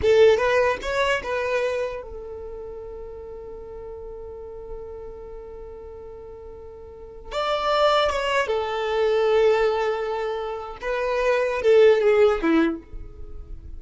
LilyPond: \new Staff \with { instrumentName = "violin" } { \time 4/4 \tempo 4 = 150 a'4 b'4 cis''4 b'4~ | b'4 a'2.~ | a'1~ | a'1~ |
a'2~ a'16 d''4.~ d''16~ | d''16 cis''4 a'2~ a'8.~ | a'2. b'4~ | b'4 a'4 gis'4 e'4 | }